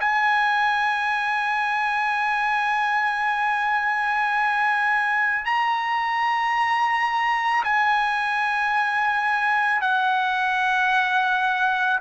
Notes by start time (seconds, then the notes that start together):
0.00 G#5
5.45 A#5
7.64 G#5
9.81 F#5